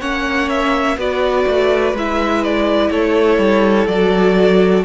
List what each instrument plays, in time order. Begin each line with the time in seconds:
0.00 cello A#3, viola C#4, violin C#5 F#5
0.49 violin E5
0.97 cello B3, viola F#4, violin B4 D5
1.47 cello A3
1.94 cello G#3, viola E4, violin E5
2.44 violin D5
2.91 cello A3, violin A4 C#5
3.38 cello G3
3.87 cello F#3, viola F#4, violin D5